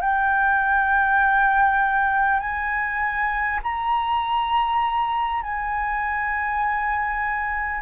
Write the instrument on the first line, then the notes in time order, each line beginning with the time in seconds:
flute
0.00 G5
2.39 G#5
3.63 A#5
5.42 G#5